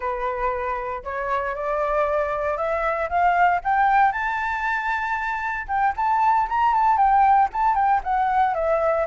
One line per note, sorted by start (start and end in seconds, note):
0.00 1.03 B4
1.03 1.55 C#5
1.55 2.57 D5
2.57 3.08 E5
3.09 3.61 F5
3.63 4.12 G5
4.12 5.67 A5
5.67 5.93 G5
5.96 6.48 A5
6.48 6.74 A#5
6.74 6.97 A5
6.97 7.49 G5
7.52 7.74 A5
7.74 8.00 G5
8.03 8.54 F#5
8.54 9.06 E5